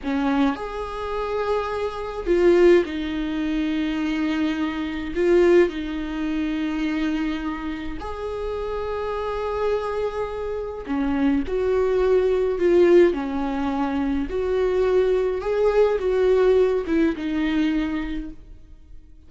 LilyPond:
\new Staff \with { instrumentName = "viola" } { \time 4/4 \tempo 4 = 105 cis'4 gis'2. | f'4 dis'2.~ | dis'4 f'4 dis'2~ | dis'2 gis'2~ |
gis'2. cis'4 | fis'2 f'4 cis'4~ | cis'4 fis'2 gis'4 | fis'4. e'8 dis'2 | }